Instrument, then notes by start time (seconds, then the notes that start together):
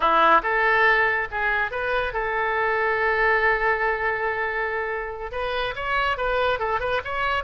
oboe
0.00 E4
0.43 A4
1.31 G#4
1.71 B4
2.13 A4
5.31 B4
5.75 C#5
6.17 B4
6.59 A4
6.80 B4
7.04 C#5